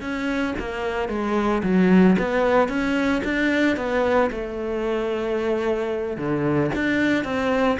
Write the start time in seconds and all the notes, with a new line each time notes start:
0.00 C#4
0.58 A#3
1.08 G#3
1.63 F#3
2.18 B3
2.68 C#4
3.24 D4
3.76 B3
4.31 A3
6.17 D3
6.75 D4
7.24 C4